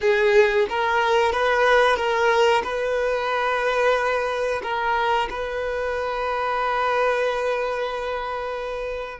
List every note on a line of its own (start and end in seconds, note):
0.01 0.67 G#4
0.69 1.32 A#4
1.32 1.96 B4
1.96 2.62 A#4
2.63 4.61 B4
4.62 5.28 A#4
5.30 9.20 B4